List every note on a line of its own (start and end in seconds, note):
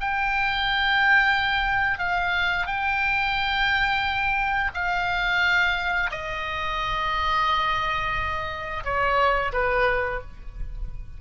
0.00 1.99 G5
1.99 2.67 F5
2.67 4.71 G5
4.74 6.11 F5
6.11 8.84 D#5
8.84 9.52 C#5
9.53 10.21 B4